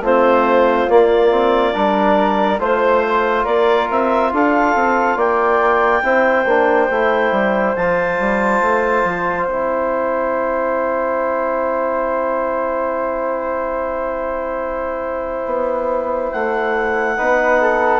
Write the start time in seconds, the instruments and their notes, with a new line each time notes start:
0.00 bassoon A3, trombone C4, flute F4, clarinet C5
0.88 bassoon A#3, trombone A#3, clarinet D5
1.31 trombone C4
1.72 bassoon G3, trombone D4, flute A#4
2.59 bassoon A3, trombone F4, flute C5, clarinet C5
3.44 bassoon A#3, flute A#4, clarinet D5
3.90 bassoon C4, clarinet E5
4.32 bassoon D4, flute A4, clarinet F5
4.75 bassoon C4
5.16 bassoon A#3, flute D5, clarinet G5
6.02 bassoon C4, trombone E4, flute C5
6.45 bassoon A#3, trombone D4
6.90 bassoon A3, trombone E4
7.31 bassoon G3
7.76 bassoon F3, trombone F4, clarinet A5
8.19 bassoon G3
8.60 bassoon A3
9.04 bassoon F3
9.44 bassoon C4, trombone E4, clarinet G5
15.45 bassoon B3
16.31 bassoon A3, clarinet F#5
17.16 bassoon B3, trombone D#4, flute B4
17.61 flute A4